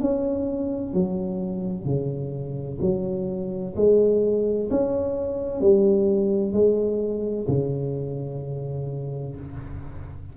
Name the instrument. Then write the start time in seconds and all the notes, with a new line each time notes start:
tuba
0.00 C#4
0.93 F#3
1.85 C#3
2.81 F#3
3.76 G#3
4.70 C#4
5.60 G3
6.53 G#3
7.48 C#3